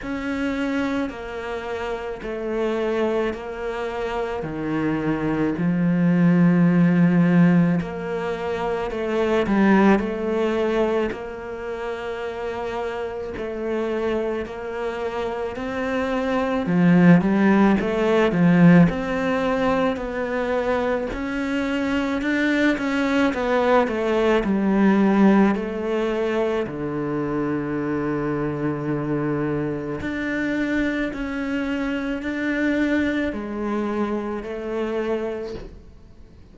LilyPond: \new Staff \with { instrumentName = "cello" } { \time 4/4 \tempo 4 = 54 cis'4 ais4 a4 ais4 | dis4 f2 ais4 | a8 g8 a4 ais2 | a4 ais4 c'4 f8 g8 |
a8 f8 c'4 b4 cis'4 | d'8 cis'8 b8 a8 g4 a4 | d2. d'4 | cis'4 d'4 gis4 a4 | }